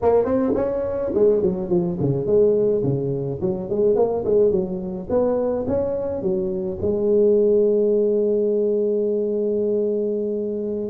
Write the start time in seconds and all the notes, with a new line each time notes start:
0.02 A#3
0.24 C4
0.55 C#4
1.14 G#3
1.42 F#3
1.69 F3
2.00 C#3
2.26 G#3
2.83 C#3
3.41 F#3
3.69 G#3
3.95 A#3
4.25 G#3
4.51 F#3
5.09 B3
5.67 C#4
6.22 F#3
6.81 G#3